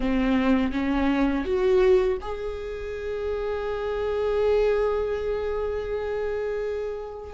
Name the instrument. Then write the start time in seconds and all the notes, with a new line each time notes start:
viola
0.00 C4
0.72 C#4
1.44 F#4
2.21 G#4